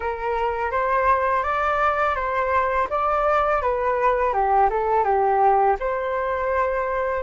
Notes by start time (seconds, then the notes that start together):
0.00 A#4
0.71 C5
1.43 D5
2.15 C5
2.89 D5
3.61 B4
4.33 G4
4.70 A4
5.04 G4
5.79 C5